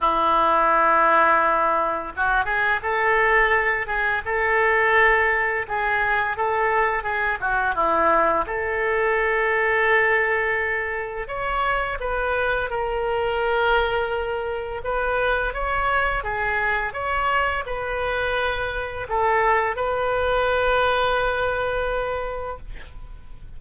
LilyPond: \new Staff \with { instrumentName = "oboe" } { \time 4/4 \tempo 4 = 85 e'2. fis'8 gis'8 | a'4. gis'8 a'2 | gis'4 a'4 gis'8 fis'8 e'4 | a'1 |
cis''4 b'4 ais'2~ | ais'4 b'4 cis''4 gis'4 | cis''4 b'2 a'4 | b'1 | }